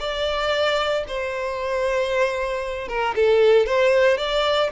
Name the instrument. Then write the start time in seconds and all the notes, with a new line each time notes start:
violin
0.00 D5
1.08 C5
2.89 A#4
3.16 A4
3.67 C5
4.18 D5